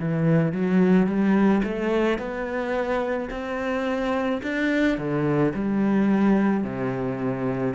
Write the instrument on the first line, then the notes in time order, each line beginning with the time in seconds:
cello
0.00 E3
0.53 F#3
1.07 G3
1.64 A3
2.19 B3
3.31 C4
4.43 D4
4.98 D3
5.55 G3
6.64 C3